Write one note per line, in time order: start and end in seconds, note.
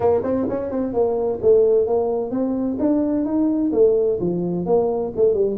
0.00 0.21 A#3
0.23 0.46 C4
0.49 0.70 C#4
0.70 0.93 C4
0.93 1.39 A#3
1.41 1.86 A3
1.86 2.30 A#3
2.30 2.77 C4
2.79 3.25 D4
3.25 3.71 D#4
3.72 4.19 A3
4.20 4.66 F3
4.66 5.12 A#3
5.16 5.34 A3
5.34 5.57 G3